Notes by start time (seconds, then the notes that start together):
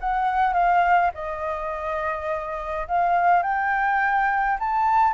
0.00 F#5
0.53 F5
1.14 D#5
2.87 F5
3.42 G5
4.59 A5